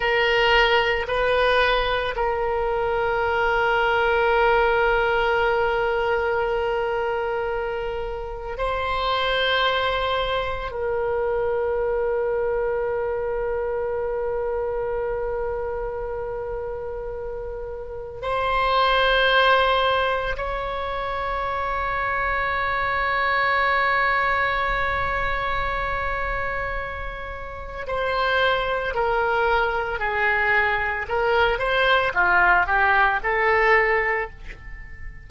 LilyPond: \new Staff \with { instrumentName = "oboe" } { \time 4/4 \tempo 4 = 56 ais'4 b'4 ais'2~ | ais'1 | c''2 ais'2~ | ais'1~ |
ais'4 c''2 cis''4~ | cis''1~ | cis''2 c''4 ais'4 | gis'4 ais'8 c''8 f'8 g'8 a'4 | }